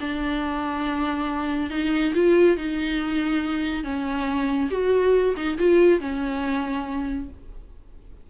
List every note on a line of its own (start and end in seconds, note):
0.00 1.70 D4
1.70 2.13 D#4
2.14 2.57 F4
2.57 3.83 D#4
3.83 4.69 C#4
4.70 5.35 F#4
5.36 5.58 D#4
5.58 6.00 F4
6.00 7.29 C#4